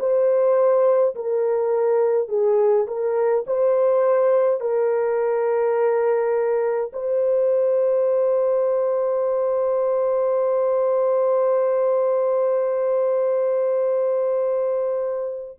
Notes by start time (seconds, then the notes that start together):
0.00 C5
1.16 A#4
2.29 G#4
2.88 A#4
3.47 C5
4.61 A#4
6.93 C5